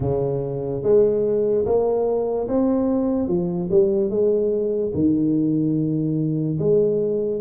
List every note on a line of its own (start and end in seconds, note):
0.00 0.82 C#3
0.83 1.65 G#3
1.65 2.47 A#3
2.48 3.28 C4
3.28 3.69 F3
3.71 4.09 G3
4.09 4.92 G#3
4.94 6.58 D#3
6.59 7.40 G#3